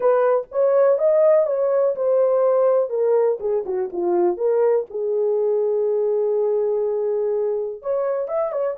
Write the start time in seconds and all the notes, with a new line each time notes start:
0.00 B4
0.51 C#5
0.98 D#5
1.46 C#5
1.95 C5
2.89 A#4
3.40 G#4
3.65 F#4
3.92 F4
4.37 A#4
4.90 G#4
7.82 C#5
8.28 E5
8.52 C#5